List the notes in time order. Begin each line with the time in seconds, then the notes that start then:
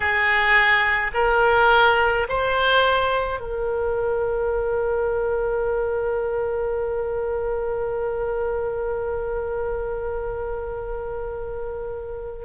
0.00 G#4
1.14 A#4
2.28 C5
3.40 A#4